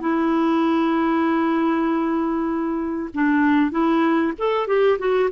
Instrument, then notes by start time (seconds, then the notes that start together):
clarinet
0.00 E4
3.14 D4
3.71 E4
4.38 A4
4.67 G4
4.98 F#4